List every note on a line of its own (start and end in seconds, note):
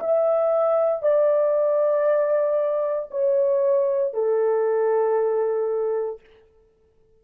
0.00 1.03 E5
1.03 3.09 D5
3.10 4.13 C#5
4.13 6.20 A4